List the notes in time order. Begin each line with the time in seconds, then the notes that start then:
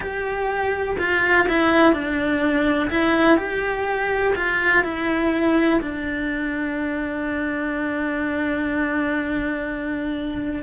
0.00 G4
0.99 F4
1.48 E4
1.92 D4
2.90 E4
3.37 G4
4.35 F4
4.83 E4
5.81 D4